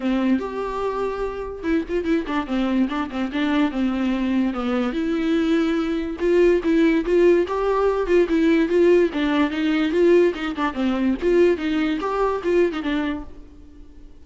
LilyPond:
\new Staff \with { instrumentName = "viola" } { \time 4/4 \tempo 4 = 145 c'4 g'2. | e'8 f'8 e'8 d'8 c'4 d'8 c'8 | d'4 c'2 b4 | e'2. f'4 |
e'4 f'4 g'4. f'8 | e'4 f'4 d'4 dis'4 | f'4 dis'8 d'8 c'4 f'4 | dis'4 g'4 f'8. dis'16 d'4 | }